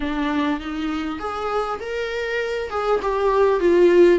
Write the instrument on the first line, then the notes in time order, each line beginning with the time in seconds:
viola
0.00 D4
0.59 D#4
1.19 G#4
1.80 A#4
2.70 G#4
3.02 G4
3.59 F4